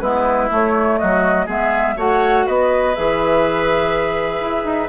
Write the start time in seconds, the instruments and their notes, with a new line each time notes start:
0.00 bassoon G#3, clarinet B3, oboe E4, flute B4
0.49 clarinet A3, bassoon A3, flute C#5
0.98 bassoon F#3, oboe F#4, flute D#5
1.46 bassoon G#3, clarinet B3, oboe G#4, flute E5
1.96 bassoon A3, clarinet F#4, oboe C#5, flute F#5
2.46 bassoon B3, oboe B4, flute D#5
2.95 bassoon E3, clarinet G#4, flute E5
4.40 bassoon E4
4.65 bassoon D#4